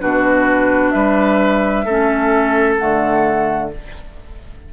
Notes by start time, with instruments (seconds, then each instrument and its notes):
0.00 bassoon B2, clarinet D4, oboe F#4, flute B4
0.90 bassoon G3, oboe B4, flute E5
1.85 bassoon A3, clarinet C#4, oboe A4
2.78 bassoon D3, clarinet A3, flute F#5